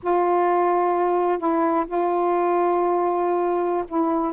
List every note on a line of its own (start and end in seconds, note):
0.02 1.38 F4
1.38 1.85 E4
1.86 3.84 F4
3.88 4.33 E4